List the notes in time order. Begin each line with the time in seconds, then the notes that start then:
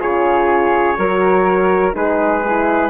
0.00 C#3 F4 G#4 C#5
0.98 F#3 F#4 A#4
1.94 G#3 D#4 G#4 B4
2.46 E4